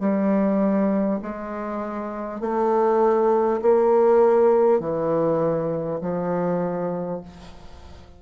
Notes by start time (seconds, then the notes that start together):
0.00 G3
1.22 G#3
2.41 A3
3.62 A#3
4.80 E3
6.02 F3